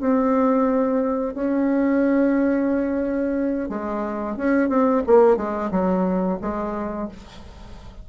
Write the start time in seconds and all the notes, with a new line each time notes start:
0.00 C4
1.34 C#4
3.69 G#3
4.36 C#4
4.69 C4
5.06 A#3
5.36 G#3
5.71 F#3
6.41 G#3